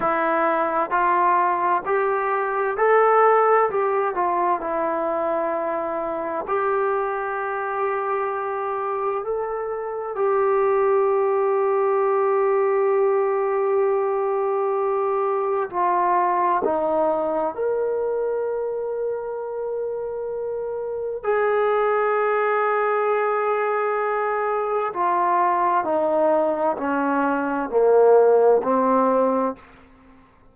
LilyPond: \new Staff \with { instrumentName = "trombone" } { \time 4/4 \tempo 4 = 65 e'4 f'4 g'4 a'4 | g'8 f'8 e'2 g'4~ | g'2 a'4 g'4~ | g'1~ |
g'4 f'4 dis'4 ais'4~ | ais'2. gis'4~ | gis'2. f'4 | dis'4 cis'4 ais4 c'4 | }